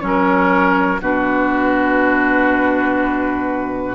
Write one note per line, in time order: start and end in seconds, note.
0.00 1.00 F#3
0.00 0.98 C#4
0.00 0.99 C#5
0.06 1.01 A#4
1.00 3.94 B2
1.00 3.94 D4
1.00 3.94 F#4
1.00 3.94 B4